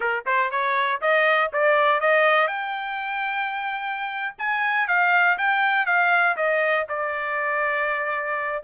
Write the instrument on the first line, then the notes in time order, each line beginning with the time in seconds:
trumpet
0.00 A#4
0.26 C5
0.50 C#5
1.01 D#5
1.52 D5
2.00 D#5
2.47 G5
4.38 G#5
4.87 F5
5.38 G5
5.85 F5
6.36 D#5
6.88 D5